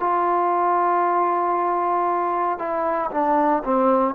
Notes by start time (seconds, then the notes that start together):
0.00 F4
2.59 E4
3.11 D4
3.64 C4